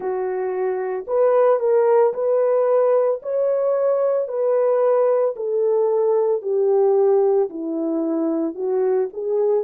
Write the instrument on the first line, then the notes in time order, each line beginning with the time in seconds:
horn
0.00 F#4
1.07 B4
1.59 A#4
2.13 B4
3.22 C#5
4.28 B4
5.36 A4
6.42 G4
7.49 E4
8.55 F#4
9.13 G#4